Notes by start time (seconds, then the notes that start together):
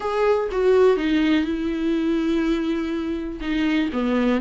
0.00 G#4
0.51 F#4
0.96 D#4
1.45 E4
3.40 D#4
3.92 B3